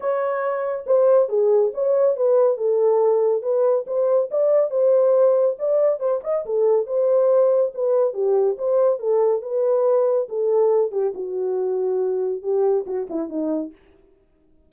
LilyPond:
\new Staff \with { instrumentName = "horn" } { \time 4/4 \tempo 4 = 140 cis''2 c''4 gis'4 | cis''4 b'4 a'2 | b'4 c''4 d''4 c''4~ | c''4 d''4 c''8 dis''8 a'4 |
c''2 b'4 g'4 | c''4 a'4 b'2 | a'4. g'8 fis'2~ | fis'4 g'4 fis'8 e'8 dis'4 | }